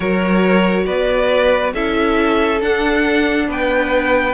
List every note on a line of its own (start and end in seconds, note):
0.00 0.86 F#3
0.00 1.73 F#4
0.00 0.84 A#4
0.00 0.86 C#5
0.86 1.74 B3
0.86 1.73 B4
0.86 1.72 D5
1.73 2.61 C#4
1.73 2.60 E4
1.73 3.47 A4
1.73 2.61 E5
2.60 4.33 D4
2.60 3.47 D4
2.60 3.48 F#5
3.47 4.33 B3
3.47 4.33 B4
3.47 4.33 G5